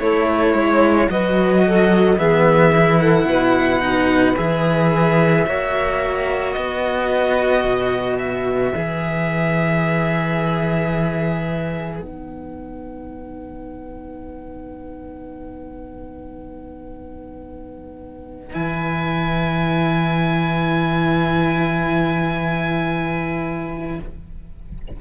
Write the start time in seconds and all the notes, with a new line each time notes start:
0.00 A3 E4 A4 C#5
0.54 G#3 C#5
1.07 F#3 F#4 B4 D#5
1.66 A4
2.18 E3 B3 G#4 E5
2.72 E4
3.00 A4 F#5
3.25 B2 B4
3.80 D#4
4.36 E3 G#4 E5
5.46 A#3 F#4 C#5
6.53 B3 B4 D#5
7.64 B2
8.19 E5
8.74 E3 G#4
12.00 B3 D#4 F#5
18.53 E3 E4 G#5